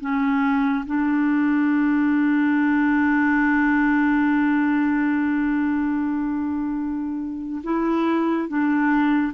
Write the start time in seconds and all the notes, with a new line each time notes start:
0.00 C#4
0.86 D4
7.64 E4
8.48 D4